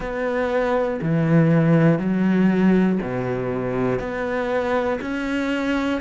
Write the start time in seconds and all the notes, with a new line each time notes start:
0.00 B3
1.01 E3
1.99 F#3
3.01 B2
3.99 B3
5.00 C#4